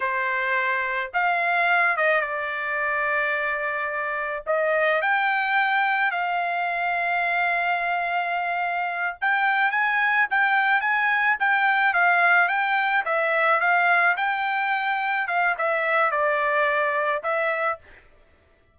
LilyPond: \new Staff \with { instrumentName = "trumpet" } { \time 4/4 \tempo 4 = 108 c''2 f''4. dis''8 | d''1 | dis''4 g''2 f''4~ | f''1~ |
f''8 g''4 gis''4 g''4 gis''8~ | gis''8 g''4 f''4 g''4 e''8~ | e''8 f''4 g''2 f''8 | e''4 d''2 e''4 | }